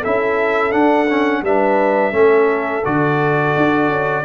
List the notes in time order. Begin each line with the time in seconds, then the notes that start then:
0.00 C#4 E4 A4 E5
0.71 D4 F#5
1.09 C#4
1.42 G3 D4 B4 E5
2.12 A3 C#4 A4
2.84 D3 F#4 D5
3.56 D4
3.88 C#4